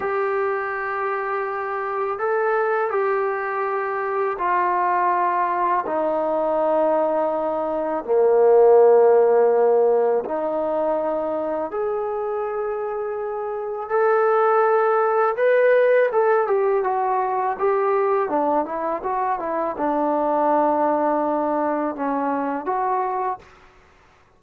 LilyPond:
\new Staff \with { instrumentName = "trombone" } { \time 4/4 \tempo 4 = 82 g'2. a'4 | g'2 f'2 | dis'2. ais4~ | ais2 dis'2 |
gis'2. a'4~ | a'4 b'4 a'8 g'8 fis'4 | g'4 d'8 e'8 fis'8 e'8 d'4~ | d'2 cis'4 fis'4 | }